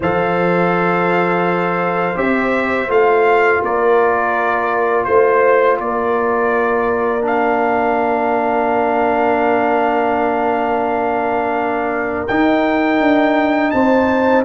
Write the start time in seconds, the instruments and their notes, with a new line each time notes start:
0.00 tuba F3, trombone A4, horn C5, trumpet F5
2.15 tuba C4, trombone G4, trumpet E5
2.87 tuba A3, trombone F4, trumpet F5
3.62 tuba A#3, horn A#4, trumpet D5
5.04 tuba A3, trumpet C5, horn C5
5.78 tuba A#3, horn A#4, trumpet D5
7.21 trombone D4, trumpet F5
12.27 trombone D#4, tuba D#4, trumpet G5
12.99 tuba D4
13.70 tuba C4, horn C5, trumpet A5